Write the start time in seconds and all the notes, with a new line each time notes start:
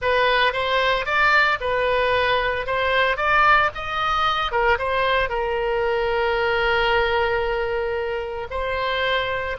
0.01 B4
0.52 C5
1.05 D5
1.60 B4
2.66 C5
3.17 D5
3.74 D#5
4.51 A#4
4.78 C5
5.29 A#4
8.50 C5